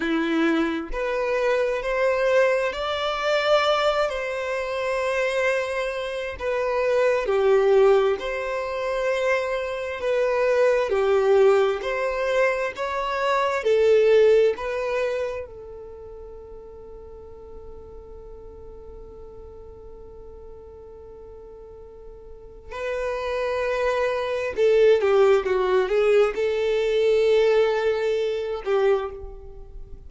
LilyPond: \new Staff \with { instrumentName = "violin" } { \time 4/4 \tempo 4 = 66 e'4 b'4 c''4 d''4~ | d''8 c''2~ c''8 b'4 | g'4 c''2 b'4 | g'4 c''4 cis''4 a'4 |
b'4 a'2.~ | a'1~ | a'4 b'2 a'8 g'8 | fis'8 gis'8 a'2~ a'8 g'8 | }